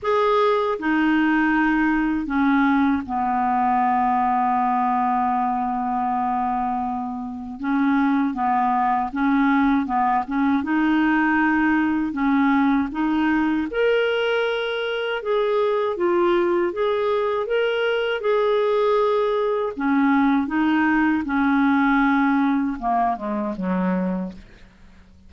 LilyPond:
\new Staff \with { instrumentName = "clarinet" } { \time 4/4 \tempo 4 = 79 gis'4 dis'2 cis'4 | b1~ | b2 cis'4 b4 | cis'4 b8 cis'8 dis'2 |
cis'4 dis'4 ais'2 | gis'4 f'4 gis'4 ais'4 | gis'2 cis'4 dis'4 | cis'2 ais8 gis8 fis4 | }